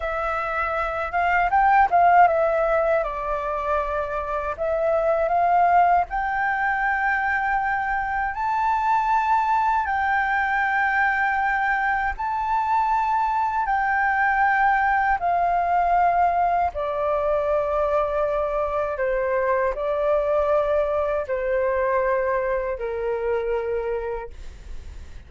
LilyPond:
\new Staff \with { instrumentName = "flute" } { \time 4/4 \tempo 4 = 79 e''4. f''8 g''8 f''8 e''4 | d''2 e''4 f''4 | g''2. a''4~ | a''4 g''2. |
a''2 g''2 | f''2 d''2~ | d''4 c''4 d''2 | c''2 ais'2 | }